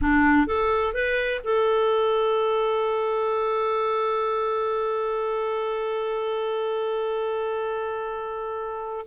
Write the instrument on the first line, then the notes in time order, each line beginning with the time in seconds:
clarinet
0.01 D4
0.47 A4
0.93 B4
1.44 A4